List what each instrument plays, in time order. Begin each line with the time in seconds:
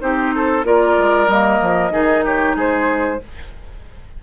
0.00 bassoon C4, clarinet D#4, oboe G4, flute C5
0.35 oboe A4
0.64 bassoon A#3, clarinet F4, oboe A#4, flute D5
0.98 bassoon G#3
1.28 bassoon G3, clarinet A#3, flute D#5
1.62 bassoon F3
1.91 bassoon D#3, clarinet D#4, oboe G#4
2.25 oboe G4, flute C#5
2.56 bassoon G#3, oboe G#4, flute C5